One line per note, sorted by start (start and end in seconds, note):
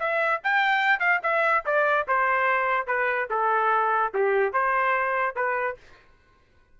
0.00 0.41 E5
0.44 1.00 G5
1.00 1.21 F5
1.23 1.65 E5
1.66 2.07 D5
2.08 2.87 C5
2.87 3.29 B4
3.31 4.13 A4
4.15 4.53 G4
4.53 5.36 C5
5.36 5.78 B4